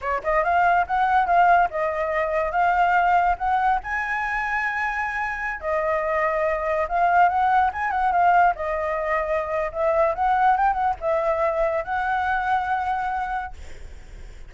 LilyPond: \new Staff \with { instrumentName = "flute" } { \time 4/4 \tempo 4 = 142 cis''8 dis''8 f''4 fis''4 f''4 | dis''2 f''2 | fis''4 gis''2.~ | gis''4~ gis''16 dis''2~ dis''8.~ |
dis''16 f''4 fis''4 gis''8 fis''8 f''8.~ | f''16 dis''2~ dis''8. e''4 | fis''4 g''8 fis''8 e''2 | fis''1 | }